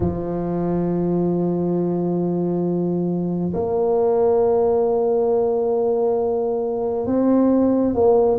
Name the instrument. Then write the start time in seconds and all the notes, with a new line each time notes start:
tuba
0.00 F3
3.53 A#3
7.06 C4
7.94 A#3